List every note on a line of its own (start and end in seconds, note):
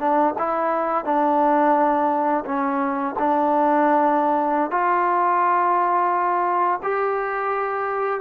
0.00 0.35 D4
0.39 1.05 E4
1.05 2.45 D4
2.46 3.16 C#4
3.19 4.71 D4
4.71 6.81 F4
6.83 8.21 G4